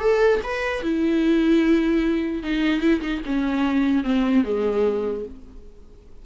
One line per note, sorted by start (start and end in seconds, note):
0.00 0.40 A4
0.44 0.82 B4
0.82 2.43 E4
2.43 2.81 D#4
2.81 3.01 E4
3.01 3.21 D#4
3.26 4.04 C#4
4.04 4.44 C4
4.44 5.25 G#3